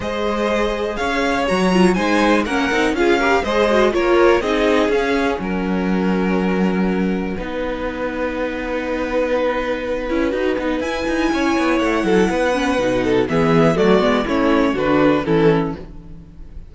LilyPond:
<<
  \new Staff \with { instrumentName = "violin" } { \time 4/4 \tempo 4 = 122 dis''2 f''4 ais''4 | gis''4 fis''4 f''4 dis''4 | cis''4 dis''4 f''4 fis''4~ | fis''1~ |
fis''1~ | fis''2 gis''2 | fis''2. e''4 | d''4 cis''4 b'4 a'4 | }
  \new Staff \with { instrumentName = "violin" } { \time 4/4 c''2 cis''2 | c''4 ais'4 gis'8 ais'8 c''4 | ais'4 gis'2 ais'4~ | ais'2. b'4~ |
b'1~ | b'2. cis''4~ | cis''8 a'8 b'4. a'8 gis'4 | fis'4 e'4 fis'4 e'4 | }
  \new Staff \with { instrumentName = "viola" } { \time 4/4 gis'2. fis'8 f'8 | dis'4 cis'8 dis'8 f'8 g'8 gis'8 fis'8 | f'4 dis'4 cis'2~ | cis'2. dis'4~ |
dis'1~ | dis'8 e'8 fis'8 dis'8 e'2~ | e'4. cis'8 dis'4 b4 | a8 b8 cis'4 d'4 cis'4 | }
  \new Staff \with { instrumentName = "cello" } { \time 4/4 gis2 cis'4 fis4 | gis4 ais8 c'8 cis'4 gis4 | ais4 c'4 cis'4 fis4~ | fis2. b4~ |
b1~ | b8 cis'8 dis'8 b8 e'8 dis'8 cis'8 b8 | a8 fis8 b4 b,4 e4 | fis8 gis8 a4 d4 e4 | }
>>